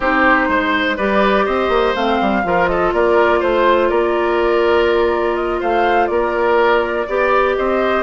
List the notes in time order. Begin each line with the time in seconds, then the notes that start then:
0.00 C4 D#4 G4 C5
0.48 G#3 C5
0.96 G3 G4 B4 D5
1.45 C4 C5 D#5
1.68 A#3
1.95 A3 C4 F5
2.20 G3
2.43 F3 F4 A#4
2.67 A4 D#5
2.92 A#3 A#4 D5
3.39 A3 C5
3.89 A#3 A#4 D5
5.35 D#5
5.60 A3 C5 F5
6.06 A#3 A#4 D5
7.07 B3 G4 D5
7.55 C4 C5 D#5